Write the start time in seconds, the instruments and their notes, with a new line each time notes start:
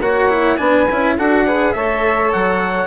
0.00 bassoon A#3, cello F#4, saxophone C#5, trumpet F#5
0.29 cello E4
0.57 bassoon B3, cello D4, saxophone B4, trumpet G#5
0.90 bassoon C#4, cello E4
1.16 bassoon D4, cello F#4, saxophone A4, trumpet F#5
1.45 cello G#4, saxophone B4
1.72 bassoon A3, cello A4, saxophone C#5, trumpet E5
2.32 bassoon F#3, trumpet F#5